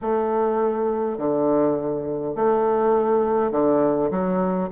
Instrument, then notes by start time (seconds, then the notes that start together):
bassoon
0.01 A3
1.18 D3
2.35 A3
3.51 D3
4.10 F#3